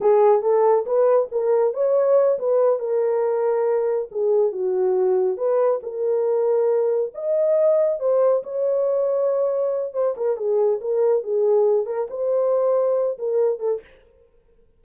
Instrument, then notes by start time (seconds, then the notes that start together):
horn
0.01 G#4
0.41 A4
0.85 B4
1.31 A#4
1.73 C#5
2.39 B4
2.79 A#4
4.11 G#4
4.52 F#4
5.37 B4
5.83 A#4
7.14 D#5
7.99 C5
8.43 C#5
9.93 C5
10.17 A#4
10.36 G#4
10.81 A#4
11.23 G#4
11.85 A#4
12.10 C5
13.18 A#4
13.59 A4